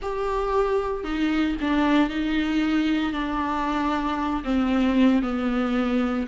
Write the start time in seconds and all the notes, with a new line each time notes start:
0.02 G4
1.03 D#4
1.60 D4
2.09 D#4
3.13 D4
4.43 C4
5.22 B3